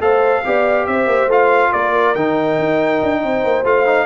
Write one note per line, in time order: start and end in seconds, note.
0.00 0.43 A3
0.00 0.43 A4
0.00 0.45 C5
0.00 0.86 F5
0.44 0.87 B3
0.44 1.30 G4
0.44 0.89 D5
0.86 1.06 C4
0.86 1.70 C5
0.86 1.29 E5
1.06 1.26 A#3
1.26 1.69 A3
1.26 2.16 F4
1.26 1.72 F5
1.70 2.15 A#3
1.70 3.20 A#4
1.70 2.15 D5
2.15 2.58 D#3
2.15 3.64 D#4
2.15 3.65 G5
2.58 3.01 D#4
3.02 3.23 D4
3.23 3.44 C4
3.23 4.05 C5
3.44 3.64 A#3
3.64 4.05 A3
3.64 3.85 F4
3.64 4.05 F5
3.85 4.05 D#4